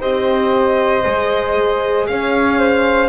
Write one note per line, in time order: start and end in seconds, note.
0.00 1.05 C4
0.00 1.04 G4
0.00 2.07 C5
0.00 2.07 D#5
1.04 2.08 G#3
1.04 3.09 G#4
2.07 3.09 C#4
2.07 2.59 C#5
2.07 3.09 F5
2.59 3.09 C5